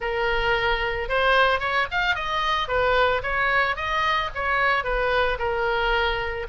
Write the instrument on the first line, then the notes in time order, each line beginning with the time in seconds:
oboe
0.00 A#4
1.08 C5
1.59 C#5
1.91 F5
2.15 D#5
2.68 B4
3.23 C#5
3.75 D#5
4.34 C#5
4.84 B4
5.38 A#4